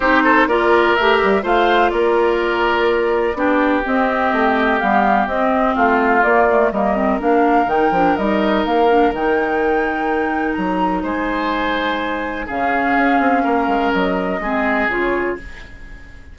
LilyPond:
<<
  \new Staff \with { instrumentName = "flute" } { \time 4/4 \tempo 4 = 125 c''4 d''4 e''4 f''4 | d''1 | dis''2 f''4 dis''4 | f''4 d''4 dis''4 f''4 |
g''4 dis''4 f''4 g''4~ | g''2 ais''4 gis''4~ | gis''2 f''2~ | f''4 dis''2 cis''4 | }
  \new Staff \with { instrumentName = "oboe" } { \time 4/4 g'8 a'8 ais'2 c''4 | ais'2. g'4~ | g'1 | f'2 ais'2~ |
ais'1~ | ais'2. c''4~ | c''2 gis'2 | ais'2 gis'2 | }
  \new Staff \with { instrumentName = "clarinet" } { \time 4/4 dis'4 f'4 g'4 f'4~ | f'2. d'4 | c'2 b4 c'4~ | c'4 ais8 a8 ais8 c'8 d'4 |
dis'8 d'8 dis'4. d'8 dis'4~ | dis'1~ | dis'2 cis'2~ | cis'2 c'4 f'4 | }
  \new Staff \with { instrumentName = "bassoon" } { \time 4/4 c'4 ais4 a8 g8 a4 | ais2. b4 | c'4 a4 g4 c'4 | a4 ais4 g4 ais4 |
dis8 f8 g4 ais4 dis4~ | dis2 fis4 gis4~ | gis2 cis4 cis'8 c'8 | ais8 gis8 fis4 gis4 cis4 | }
>>